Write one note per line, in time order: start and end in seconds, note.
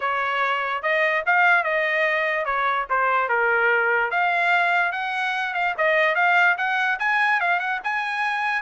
0.00 0.82 C#5
0.82 1.23 D#5
1.26 1.63 F5
1.63 2.45 D#5
2.45 2.86 C#5
2.89 3.29 C5
3.29 4.10 A#4
4.10 4.92 F5
4.92 5.53 F#5
5.54 5.74 F5
5.77 6.15 D#5
6.15 6.56 F5
6.57 6.98 F#5
6.99 7.40 G#5
7.40 7.59 F5
7.59 7.80 F#5
7.83 8.62 G#5